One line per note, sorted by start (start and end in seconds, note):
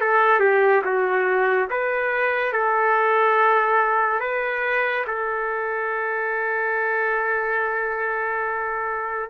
0.00 0.40 A4
0.40 0.82 G4
0.84 1.69 F#4
1.70 2.52 B4
2.52 4.20 A4
4.20 5.04 B4
5.07 9.29 A4